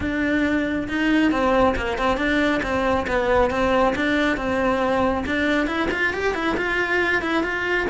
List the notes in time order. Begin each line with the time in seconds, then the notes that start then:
0.00 D4
0.88 D#4
1.31 C4
1.76 A#3
1.97 C4
2.17 D4
2.62 C4
3.07 B3
3.50 C4
3.95 D4
4.36 C4
5.26 D4
5.67 E4
5.91 F4
6.13 G4
6.34 E4
6.57 F4
7.22 E4
7.43 F4